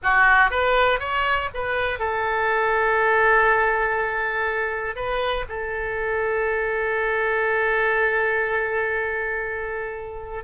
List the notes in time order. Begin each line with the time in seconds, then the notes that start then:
0.02 F#4
0.50 B4
0.99 C#5
1.54 B4
1.99 A4
4.95 B4
5.48 A4